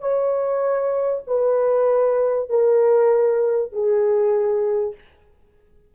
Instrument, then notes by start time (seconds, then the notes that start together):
horn
0.00 C#5
1.27 B4
2.50 A#4
3.72 G#4